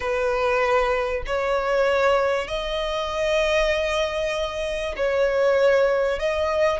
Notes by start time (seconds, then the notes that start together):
0.00 B4
1.26 C#5
2.47 D#5
4.96 C#5
6.19 D#5